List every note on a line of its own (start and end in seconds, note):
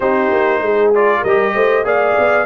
0.00 0.30 C4
0.00 0.93 D#4
0.00 0.62 G4
0.00 0.92 C5
0.30 0.61 A#3
0.61 1.23 G#3
0.61 1.21 G#4
0.95 1.26 F4
0.95 1.24 D5
1.21 1.55 G3
1.21 1.52 A#4
1.21 1.85 D#5
1.27 1.84 G4
1.54 1.84 A3
1.54 1.85 C5
1.84 2.15 A#3
1.84 2.45 G#4
1.84 2.45 D5
1.84 2.45 F5
2.18 2.45 B3